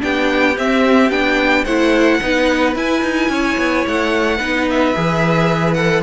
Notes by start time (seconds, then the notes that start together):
0.00 B3 D4 G4 G5
0.56 C4 E5
1.10 B3 D4 G5
1.64 A3 E4 C5 F#5
2.21 B3 D#4 B4
2.74 E4 G#5
3.02 D#4
3.29 C#4 C#5
3.58 B3
3.87 A3 F#5
4.37 B3 D#4 B4
4.70 E5
4.94 E3 G#4
5.74 A4 F#5